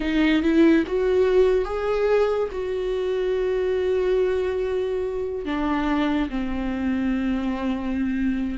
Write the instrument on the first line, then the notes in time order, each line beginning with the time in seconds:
viola
0.00 D#4
0.42 E4
0.86 F#4
1.65 G#4
2.51 F#4
5.45 D4
6.29 C4